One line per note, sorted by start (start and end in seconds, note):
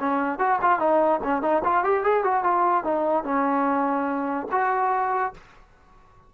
0.00 0.39 C#4
0.39 0.60 F#4
0.62 0.80 F4
0.80 1.21 D#4
1.24 1.42 C#4
1.42 1.63 D#4
1.64 1.84 F4
1.84 2.04 G4
2.04 2.24 G#4
2.24 2.44 F#4
2.44 2.84 F4
2.84 3.24 D#4
3.24 4.48 C#4
4.52 5.34 F#4